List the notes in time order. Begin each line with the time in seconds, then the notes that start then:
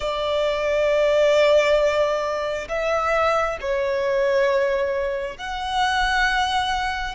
0.00 D5
2.68 E5
3.60 C#5
5.37 F#5